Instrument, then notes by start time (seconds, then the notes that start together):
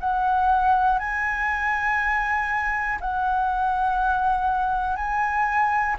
flute
0.00 F#5
0.98 G#5
3.00 F#5
4.95 G#5